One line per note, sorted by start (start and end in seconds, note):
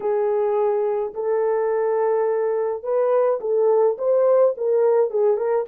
0.00 1.13 G#4
1.13 2.83 A4
2.83 3.39 B4
3.40 3.97 A4
3.98 4.54 C5
4.57 5.10 A#4
5.10 5.37 G#4
5.37 5.65 A#4